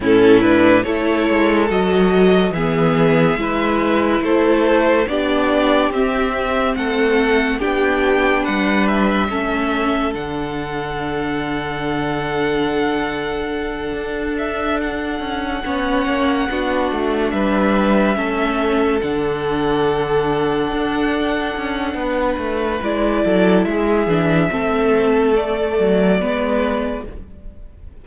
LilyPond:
<<
  \new Staff \with { instrumentName = "violin" } { \time 4/4 \tempo 4 = 71 a'8 b'8 cis''4 dis''4 e''4~ | e''4 c''4 d''4 e''4 | fis''4 g''4 fis''8 e''4. | fis''1~ |
fis''4 e''8 fis''2~ fis''8~ | fis''8 e''2 fis''4.~ | fis''2. d''4 | e''2 d''2 | }
  \new Staff \with { instrumentName = "violin" } { \time 4/4 e'4 a'2 gis'4 | b'4 a'4 g'2 | a'4 g'4 b'4 a'4~ | a'1~ |
a'2~ a'8 cis''4 fis'8~ | fis'8 b'4 a'2~ a'8~ | a'2 b'4. a'8 | gis'4 a'2 b'4 | }
  \new Staff \with { instrumentName = "viola" } { \time 4/4 cis'8 d'8 e'4 fis'4 b4 | e'2 d'4 c'4~ | c'4 d'2 cis'4 | d'1~ |
d'2~ d'8 cis'4 d'8~ | d'4. cis'4 d'4.~ | d'2. e'4~ | e'8 d'8 c'4 a4 b4 | }
  \new Staff \with { instrumentName = "cello" } { \time 4/4 a,4 a8 gis8 fis4 e4 | gis4 a4 b4 c'4 | a4 b4 g4 a4 | d1~ |
d8 d'4. cis'8 b8 ais8 b8 | a8 g4 a4 d4.~ | d8 d'4 cis'8 b8 a8 gis8 fis8 | gis8 e8 a4. fis8 gis4 | }
>>